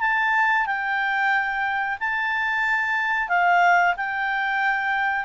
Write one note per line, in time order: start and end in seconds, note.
0.00 0.66 A5
0.66 1.98 G5
1.99 3.28 A5
3.28 3.94 F5
3.96 5.24 G5